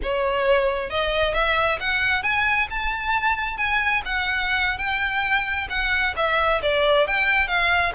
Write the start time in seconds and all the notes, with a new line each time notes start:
0.02 C#5
0.90 D#5
1.34 E5
1.80 F#5
2.23 G#5
2.70 A5
3.57 G#5
4.05 F#5
4.78 G5
5.69 F#5
6.16 E5
6.62 D5
7.07 G5
7.47 F5